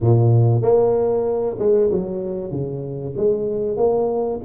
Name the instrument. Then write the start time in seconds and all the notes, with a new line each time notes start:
tuba
0.01 A#2
0.61 A#3
1.58 G#3
1.91 F#3
2.51 C#3
3.16 G#3
3.76 A#3